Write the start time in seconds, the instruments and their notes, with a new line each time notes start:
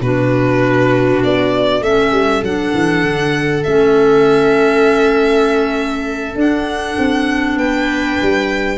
0.00 tuba B2, clarinet D4, viola F#4, violin B4
1.23 tuba B3, violin D5
1.81 tuba A3, clarinet C#4, viola A4, violin E5
2.11 tuba G3
2.42 tuba F#3, clarinet D4, violin F#5
2.74 tuba E3
3.03 tuba D3
3.63 tuba A3, clarinet C#4, violin E5
6.35 tuba D4, clarinet D4, violin F#5
6.98 tuba C4
7.57 tuba B3, viola B4, violin G5
8.21 tuba G3